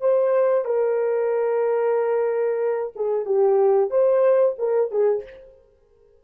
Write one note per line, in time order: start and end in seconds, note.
0.00 0.65 C5
0.65 2.93 A#4
2.95 3.25 G#4
3.25 3.90 G4
3.90 4.55 C5
4.58 4.91 A#4
4.91 5.24 G#4